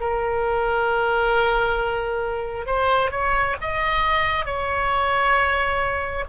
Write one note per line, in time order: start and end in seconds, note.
0.00 2.66 A#4
2.66 3.11 C5
3.11 3.56 C#5
3.61 4.45 D#5
4.45 6.24 C#5